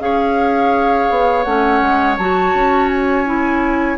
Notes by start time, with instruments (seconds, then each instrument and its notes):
0.00 bassoon C#4, clarinet G#4, oboe C#5, flute F5
1.10 bassoon B3
1.43 bassoon A3, clarinet C#4, flute F#5
1.82 bassoon G#3
2.18 bassoon F#3, clarinet F#4, flute A5
2.55 bassoon C#4
2.89 flute G#5
3.26 clarinet E4